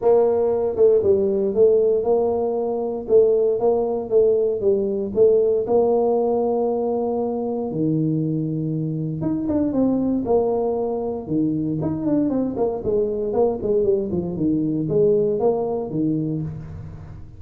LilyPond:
\new Staff \with { instrumentName = "tuba" } { \time 4/4 \tempo 4 = 117 ais4. a8 g4 a4 | ais2 a4 ais4 | a4 g4 a4 ais4~ | ais2. dis4~ |
dis2 dis'8 d'8 c'4 | ais2 dis4 dis'8 d'8 | c'8 ais8 gis4 ais8 gis8 g8 f8 | dis4 gis4 ais4 dis4 | }